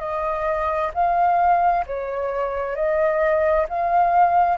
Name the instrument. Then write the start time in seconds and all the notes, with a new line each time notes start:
flute
0.00 D#5
0.94 F5
1.87 C#5
2.76 D#5
3.69 F5